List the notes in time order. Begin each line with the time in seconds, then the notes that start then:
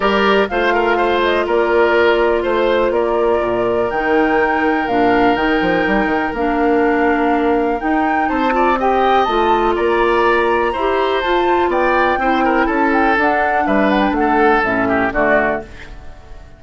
0.00 G3 G4 A#4 D5
0.48 A3 F4 C5 F5
0.73 A#4
0.97 C5
1.22 D#5
1.46 A#3 A#4 D5
2.42 A3 C5
2.90 A#3 A#4 D5
3.41 A#2
3.90 D#3 D#4 G5
4.87 A#2 D4 F5
5.35 D#3 D#4 G5
5.61 F3
5.86 G3
6.05 D#3
6.33 A#3 D4 F5
7.79 D#4 G5
8.28 C4 C5 A5
8.51 F4 D5
8.79 G4 D#5 G5
9.24 A3 F4 A5
9.75 A#3 D5 A#5
10.72 E4 G4 C5
11.21 F4 A5
11.68 B3 D5 G5
12.17 C4 E4 C5
12.44 A#4
12.66 C#4 A4 A5
12.92 G5
13.17 D4 F#5
13.66 G3 B4 E5
13.90 F#5
14.00 G5
14.11 A3 F#5
14.19 A4
14.63 A2 C#4 E5
14.88 G4
15.12 D3 A3 F#4 D5